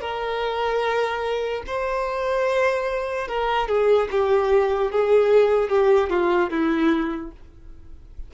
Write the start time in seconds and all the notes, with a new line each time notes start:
0.00 A#4
1.66 C5
3.27 A#4
3.68 G#4
4.11 G4
4.91 G#4
5.69 G4
6.10 F4
6.50 E4